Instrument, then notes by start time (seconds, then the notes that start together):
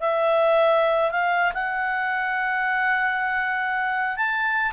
clarinet
0.00 E5
1.11 F5
1.54 F#5
4.17 A5